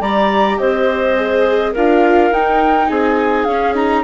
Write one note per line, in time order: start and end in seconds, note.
0.00 0.58 G3
0.00 1.16 G4
0.00 0.58 D5
0.00 0.58 A#5
0.58 1.75 C4
0.58 1.72 C5
0.58 1.73 D#5
1.16 1.74 G#4
1.72 2.31 D4
1.72 2.33 F4
1.72 2.87 A#4
1.72 2.33 F5
2.31 2.88 D#4
2.31 3.48 D#4
2.31 2.89 G5
2.88 3.46 C4
2.88 4.03 G#4
2.88 3.44 G#5
3.44 4.03 C#4
3.44 3.74 C#4
3.44 3.73 F5
3.74 4.03 D#4
3.74 4.03 A#5